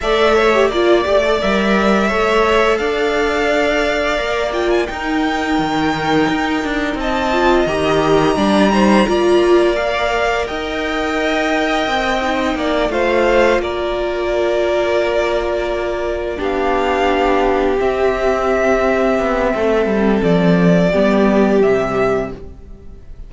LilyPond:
<<
  \new Staff \with { instrumentName = "violin" } { \time 4/4 \tempo 4 = 86 e''4 d''4 e''2 | f''2~ f''8 g''16 gis''16 g''4~ | g''2 a''4 ais''4~ | ais''2 f''4 g''4~ |
g''2~ g''8 f''4 d''8~ | d''2.~ d''8 f''8~ | f''4. e''2~ e''8~ | e''4 d''2 e''4 | }
  \new Staff \with { instrumentName = "violin" } { \time 4/4 d''8 cis''8 d''2 cis''4 | d''2. ais'4~ | ais'2 dis''2 | d''8 c''8 d''2 dis''4~ |
dis''2 d''8 c''4 ais'8~ | ais'2.~ ais'8 g'8~ | g'1 | a'2 g'2 | }
  \new Staff \with { instrumentName = "viola" } { \time 4/4 a'8. g'16 f'8 g'16 a'16 ais'4 a'4~ | a'2 ais'8 f'8 dis'4~ | dis'2~ dis'8 f'8 g'4 | d'8 dis'8 f'4 ais'2~ |
ais'4. dis'4 f'4.~ | f'2.~ f'8 d'8~ | d'4. c'2~ c'8~ | c'2 b4 g4 | }
  \new Staff \with { instrumentName = "cello" } { \time 4/4 a4 ais8 a8 g4 a4 | d'2 ais4 dis'4 | dis4 dis'8 d'8 c'4 dis4 | g4 ais2 dis'4~ |
dis'4 c'4 ais8 a4 ais8~ | ais2.~ ais8 b8~ | b4. c'2 b8 | a8 g8 f4 g4 c4 | }
>>